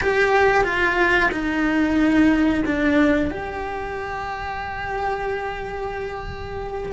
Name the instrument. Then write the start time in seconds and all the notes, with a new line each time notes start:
cello
0.01 G4
0.64 F4
1.31 D#4
2.65 D4
3.30 G4